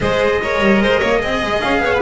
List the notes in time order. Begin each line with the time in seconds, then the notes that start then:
0.00 G#3 G#4 C5 D#5
0.41 A#4 C#5
0.60 G3
0.80 G#3 C5
0.99 A#3 C#5
1.19 C4 G#4 D#5
1.42 G#3
1.60 C#4 F5
1.78 B3 C#5
1.93 B4